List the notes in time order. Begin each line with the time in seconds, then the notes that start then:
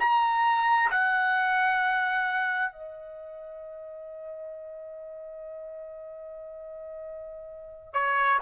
0.00 A#5
0.91 F#5
2.73 D#5
7.94 C#5